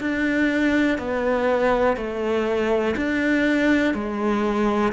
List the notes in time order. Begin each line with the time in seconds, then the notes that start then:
0.00 D4
0.98 B3
1.96 A3
2.96 D4
3.94 G#3